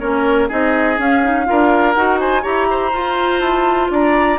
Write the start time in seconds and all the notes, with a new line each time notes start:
0.00 A#3 C#4 A#4 C#5
0.48 C4 D#4 G#4 D#5
0.98 C#4 F5
1.23 D#4
1.46 D4 F4 A#4
1.95 D#4 F#4 F#5
2.20 C5 G#5
2.42 E4 G4 C#5 A#5
2.71 C5
2.93 F4
3.40 E4 A5
3.91 D4 D5 A#5